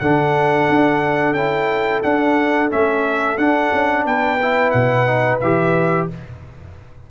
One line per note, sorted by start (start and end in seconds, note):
0.00 0.68 D3
0.00 1.36 D4
0.00 4.06 A4
0.00 1.33 F#5
0.69 1.32 D4
1.32 2.00 C#4
1.32 2.03 E4
1.32 2.01 G5
2.03 2.70 D4
2.03 2.71 D4
2.03 2.70 F#5
2.70 3.37 A3
2.70 3.37 C#4
2.70 3.37 E5
3.37 3.71 D4
3.37 4.39 D4
3.37 4.05 F#5
3.73 4.05 C#4
4.05 4.73 B3
4.05 6.09 B4
4.05 4.71 G5
4.42 5.06 E4
4.71 5.41 B2
4.71 5.38 F#5
5.06 5.40 D#4
5.40 6.09 E3
5.40 6.11 G4
5.40 6.08 E5